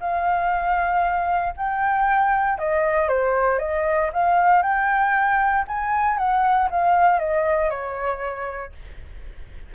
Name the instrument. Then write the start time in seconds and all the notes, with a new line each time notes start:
flute
0.00 F5
1.57 G5
2.59 D#5
3.09 C5
3.59 D#5
4.13 F5
4.62 G5
5.68 G#5
6.18 F#5
6.70 F5
7.19 D#5
7.70 C#5